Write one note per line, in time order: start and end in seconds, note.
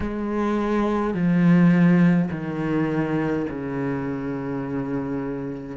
0.00 1.13 G#3
1.14 2.29 F3
2.31 3.46 D#3
3.49 5.76 C#3